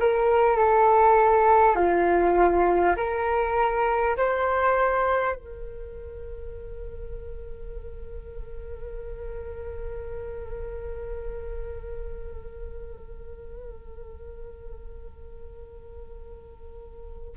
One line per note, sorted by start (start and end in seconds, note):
0.00 0.57 A#4
0.57 1.76 A4
1.76 2.96 F4
2.97 4.17 A#4
4.17 5.36 C5
5.36 17.36 A#4